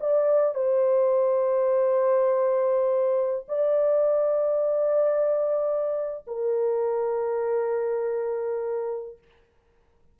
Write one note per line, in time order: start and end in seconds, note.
0.00 0.54 D5
0.54 3.45 C5
3.48 6.24 D5
6.26 9.18 A#4